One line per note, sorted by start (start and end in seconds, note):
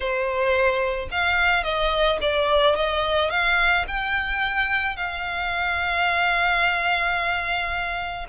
0.00 1.08 C5
1.11 1.63 F5
1.63 2.18 D#5
2.21 2.75 D5
2.75 3.30 D#5
3.30 3.85 F5
3.87 4.96 G5
4.96 8.26 F5